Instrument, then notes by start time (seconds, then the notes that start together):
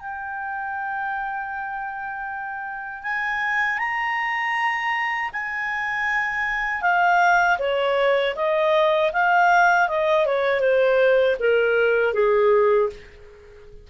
clarinet
0.00 G5
3.04 G#5
3.79 A#5
5.33 G#5
6.82 F5
7.59 C#5
8.36 D#5
9.13 F5
9.89 D#5
10.26 C#5
10.61 C5
11.40 A#4
12.14 G#4